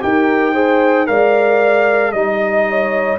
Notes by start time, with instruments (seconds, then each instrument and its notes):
0.00 tuba D#4, trombone G4, horn A#4, trumpet G5
0.54 trombone G#4, horn C5
1.07 tuba G#3, trombone A#4, horn D5, trumpet F5
2.12 tuba G3, trombone D#4, trumpet D#5, horn D#5
2.69 horn C#5